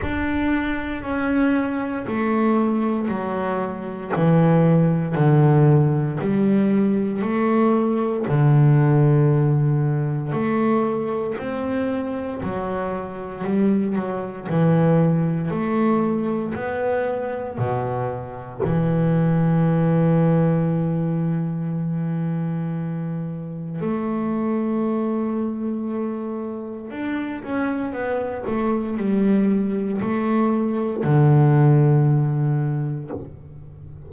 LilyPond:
\new Staff \with { instrumentName = "double bass" } { \time 4/4 \tempo 4 = 58 d'4 cis'4 a4 fis4 | e4 d4 g4 a4 | d2 a4 c'4 | fis4 g8 fis8 e4 a4 |
b4 b,4 e2~ | e2. a4~ | a2 d'8 cis'8 b8 a8 | g4 a4 d2 | }